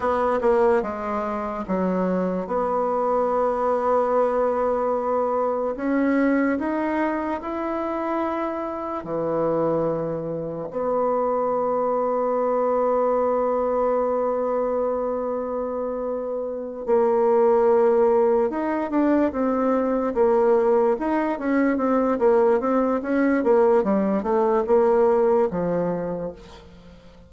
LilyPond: \new Staff \with { instrumentName = "bassoon" } { \time 4/4 \tempo 4 = 73 b8 ais8 gis4 fis4 b4~ | b2. cis'4 | dis'4 e'2 e4~ | e4 b2.~ |
b1~ | b8 ais2 dis'8 d'8 c'8~ | c'8 ais4 dis'8 cis'8 c'8 ais8 c'8 | cis'8 ais8 g8 a8 ais4 f4 | }